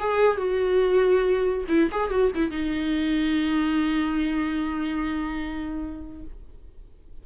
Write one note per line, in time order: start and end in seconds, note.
0.00 0.37 G#4
0.37 1.65 F#4
1.69 1.90 E4
1.91 2.10 G#4
2.10 2.32 F#4
2.35 2.51 E4
2.51 6.23 D#4